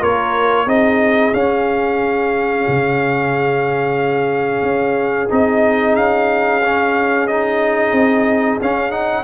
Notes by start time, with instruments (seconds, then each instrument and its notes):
0.00 tuba A#3, trombone F4, horn A#4, trumpet C#5
0.67 tuba C4, trombone D#4, horn G#4, trumpet D#5
1.34 tuba C#4, trombone C#4, trumpet F5
2.69 tuba C#3
4.63 tuba C#4
5.30 tuba C4, trombone D#4, trumpet D#5
5.96 tuba C#4, trumpet F5
6.63 trombone C#4
7.27 trombone D#4, trumpet D#5
7.92 tuba C4
8.62 tuba C#4, trombone C#4, trumpet F5
8.91 trombone D#4, trumpet F#5